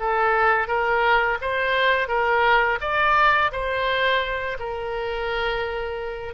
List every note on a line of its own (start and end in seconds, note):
0.00 0.68 A4
0.68 1.39 A#4
1.41 2.09 C5
2.09 2.79 A#4
2.81 3.52 D5
3.52 4.58 C5
4.59 6.35 A#4